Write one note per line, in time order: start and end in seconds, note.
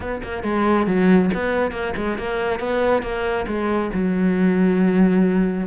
0.00 0.21 B3
0.23 0.43 A#3
0.43 0.86 G#3
0.87 1.30 F#3
1.34 1.71 B3
1.71 1.93 A#3
1.96 2.18 G#3
2.18 2.59 A#3
2.59 3.02 B3
3.02 3.45 A#3
3.47 3.90 G#3
3.93 5.66 F#3